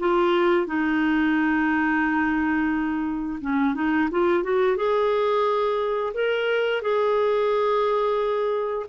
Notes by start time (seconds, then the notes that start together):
0.00 F4
0.67 D#4
3.41 C#4
3.75 D#4
4.12 F4
4.44 F#4
4.77 G#4
6.15 A#4
6.82 G#4